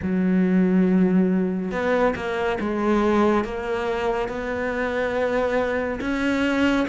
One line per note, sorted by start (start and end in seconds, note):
0.02 1.71 F#3
1.71 2.14 B3
2.15 2.58 A#3
2.59 3.44 G#3
3.44 4.28 A#3
4.28 5.99 B3
6.00 6.86 C#4